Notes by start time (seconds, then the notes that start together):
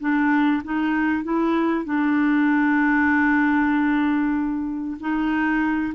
0.00 D4
0.64 D#4
1.24 E4
1.85 D4
5.00 D#4